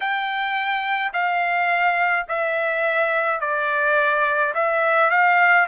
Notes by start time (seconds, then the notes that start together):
0.00 G5
1.13 F5
2.28 E5
3.40 D5
4.54 E5
5.10 F5